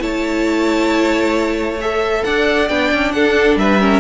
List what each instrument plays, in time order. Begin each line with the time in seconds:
0.00 cello A3, viola E4, violin C#5 A5
1.81 viola A4, violin E5
2.24 cello D4, violin D5 F#5
2.69 cello B3, viola D4, violin G5
2.92 cello C#4
3.12 cello D4, violin A4 F#5
3.56 cello G3, violin B4 E5
3.80 viola C#4, violin A#4